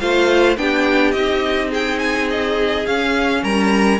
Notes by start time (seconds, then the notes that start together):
0.00 A3 F4 C5 F5
0.57 B3 D4 G4 G5
1.12 C4 D#4 D#5
1.71 G#4 G5
2.00 G#5
2.31 D#5
2.86 C#4 F5
3.43 G3 A#4 A#5